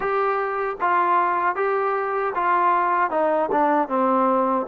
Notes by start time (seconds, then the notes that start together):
0.00 G4
0.80 F4
1.55 G4
2.34 F4
3.10 D#4
3.51 D4
3.88 C4